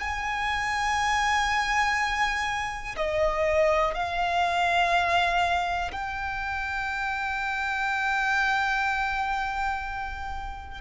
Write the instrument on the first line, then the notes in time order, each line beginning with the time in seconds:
violin
0.00 G#5
2.96 D#5
3.94 F5
5.92 G5